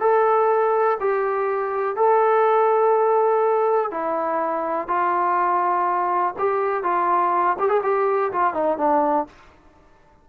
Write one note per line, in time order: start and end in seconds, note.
0.00 0.98 A4
1.00 1.96 G4
1.96 3.91 A4
3.91 4.88 E4
4.88 6.34 F4
6.38 6.83 G4
6.83 7.56 F4
7.59 7.69 G4
7.69 7.81 G#4
7.83 8.31 G4
8.32 8.54 F4
8.54 8.78 D#4
8.78 9.26 D4